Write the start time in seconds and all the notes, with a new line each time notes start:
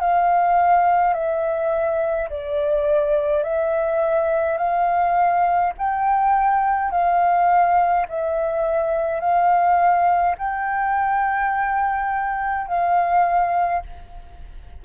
0.00 F5
1.13 E5
2.30 D5
3.44 E5
4.57 F5
5.78 G5
6.91 F5
8.08 E5
9.20 F5
10.38 G5
12.67 F5